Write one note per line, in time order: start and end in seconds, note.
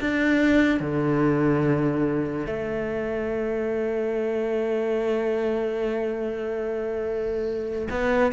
0.00 0.80 D4
0.80 2.46 D3
2.46 7.88 A3
7.90 8.32 B3